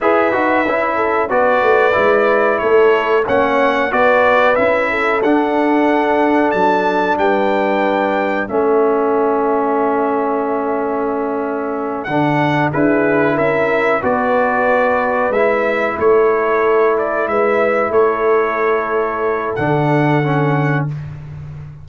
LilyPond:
<<
  \new Staff \with { instrumentName = "trumpet" } { \time 4/4 \tempo 4 = 92 e''2 d''2 | cis''4 fis''4 d''4 e''4 | fis''2 a''4 g''4~ | g''4 e''2.~ |
e''2~ e''8 fis''4 b'8~ | b'8 e''4 d''2 e''8~ | e''8 cis''4. d''8 e''4 cis''8~ | cis''2 fis''2 | }
  \new Staff \with { instrumentName = "horn" } { \time 4/4 b'4. a'8 b'2 | a'4 cis''4 b'4. a'8~ | a'2. b'4~ | b'4 a'2.~ |
a'2.~ a'8 gis'8~ | gis'8 ais'4 b'2~ b'8~ | b'8 a'2 b'4 a'8~ | a'1 | }
  \new Staff \with { instrumentName = "trombone" } { \time 4/4 gis'8 fis'8 e'4 fis'4 e'4~ | e'4 cis'4 fis'4 e'4 | d'1~ | d'4 cis'2.~ |
cis'2~ cis'8 d'4 e'8~ | e'4. fis'2 e'8~ | e'1~ | e'2 d'4 cis'4 | }
  \new Staff \with { instrumentName = "tuba" } { \time 4/4 e'8 dis'8 cis'4 b8 a8 gis4 | a4 ais4 b4 cis'4 | d'2 fis4 g4~ | g4 a2.~ |
a2~ a8 d4 d'8~ | d'8 cis'4 b2 gis8~ | gis8 a2 gis4 a8~ | a2 d2 | }
>>